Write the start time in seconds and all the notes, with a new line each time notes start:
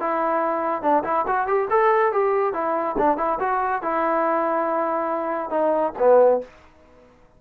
0.00 E4
0.82 D4
1.04 E4
1.27 F#4
1.47 G4
1.70 A4
2.12 G4
2.53 E4
2.98 D4
3.17 E4
3.39 F#4
3.82 E4
5.50 D#4
5.99 B3